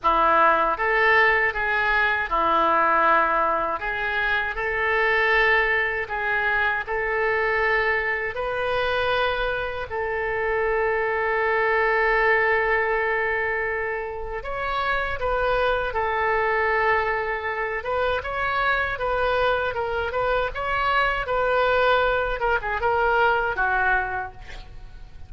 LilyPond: \new Staff \with { instrumentName = "oboe" } { \time 4/4 \tempo 4 = 79 e'4 a'4 gis'4 e'4~ | e'4 gis'4 a'2 | gis'4 a'2 b'4~ | b'4 a'2.~ |
a'2. cis''4 | b'4 a'2~ a'8 b'8 | cis''4 b'4 ais'8 b'8 cis''4 | b'4. ais'16 gis'16 ais'4 fis'4 | }